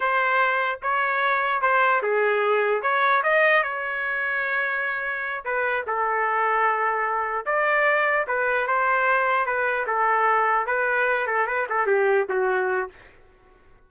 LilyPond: \new Staff \with { instrumentName = "trumpet" } { \time 4/4 \tempo 4 = 149 c''2 cis''2 | c''4 gis'2 cis''4 | dis''4 cis''2.~ | cis''4. b'4 a'4.~ |
a'2~ a'8 d''4.~ | d''8 b'4 c''2 b'8~ | b'8 a'2 b'4. | a'8 b'8 a'8 g'4 fis'4. | }